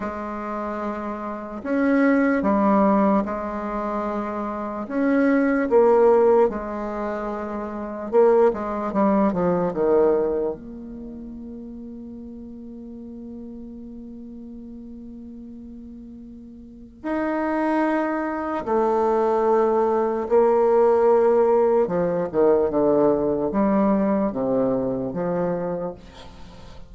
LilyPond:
\new Staff \with { instrumentName = "bassoon" } { \time 4/4 \tempo 4 = 74 gis2 cis'4 g4 | gis2 cis'4 ais4 | gis2 ais8 gis8 g8 f8 | dis4 ais2.~ |
ais1~ | ais4 dis'2 a4~ | a4 ais2 f8 dis8 | d4 g4 c4 f4 | }